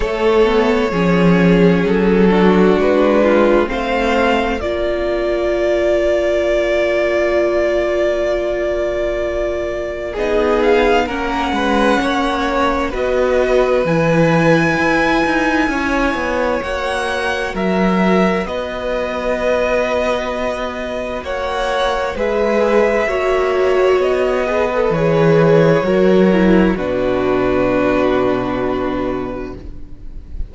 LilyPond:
<<
  \new Staff \with { instrumentName = "violin" } { \time 4/4 \tempo 4 = 65 cis''2 a'4 b'4 | f''4 d''2.~ | d''2. dis''8 f''8 | fis''2 dis''4 gis''4~ |
gis''2 fis''4 e''4 | dis''2. fis''4 | e''2 dis''4 cis''4~ | cis''4 b'2. | }
  \new Staff \with { instrumentName = "violin" } { \time 4/4 a'4 gis'4. fis'4 f'8 | c''4 ais'2.~ | ais'2. gis'4 | ais'8 b'8 cis''4 b'2~ |
b'4 cis''2 ais'4 | b'2. cis''4 | b'4 cis''4. b'4. | ais'4 fis'2. | }
  \new Staff \with { instrumentName = "viola" } { \time 4/4 a8 b8 cis'4. d'4. | c'4 f'2.~ | f'2. dis'4 | cis'2 fis'4 e'4~ |
e'2 fis'2~ | fis'1 | gis'4 fis'4. gis'16 a'16 gis'4 | fis'8 e'8 d'2. | }
  \new Staff \with { instrumentName = "cello" } { \time 4/4 a4 f4 fis4 gis4 | a4 ais2.~ | ais2. b4 | ais8 gis8 ais4 b4 e4 |
e'8 dis'8 cis'8 b8 ais4 fis4 | b2. ais4 | gis4 ais4 b4 e4 | fis4 b,2. | }
>>